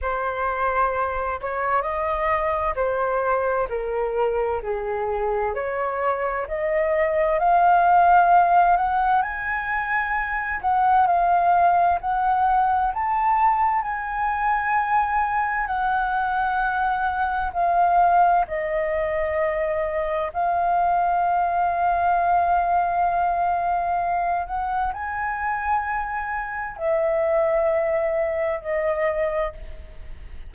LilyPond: \new Staff \with { instrumentName = "flute" } { \time 4/4 \tempo 4 = 65 c''4. cis''8 dis''4 c''4 | ais'4 gis'4 cis''4 dis''4 | f''4. fis''8 gis''4. fis''8 | f''4 fis''4 a''4 gis''4~ |
gis''4 fis''2 f''4 | dis''2 f''2~ | f''2~ f''8 fis''8 gis''4~ | gis''4 e''2 dis''4 | }